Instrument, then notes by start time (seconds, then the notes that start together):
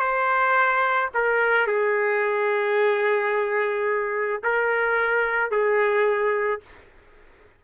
trumpet
0.00 C5
1.14 A#4
1.67 G#4
4.44 A#4
5.51 G#4